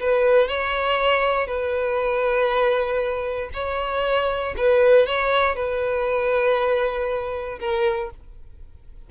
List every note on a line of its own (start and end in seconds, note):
0.00 0.49 B4
0.49 1.47 C#5
1.47 3.51 B4
3.54 4.56 C#5
4.57 5.07 B4
5.07 5.56 C#5
5.56 7.59 B4
7.60 8.11 A#4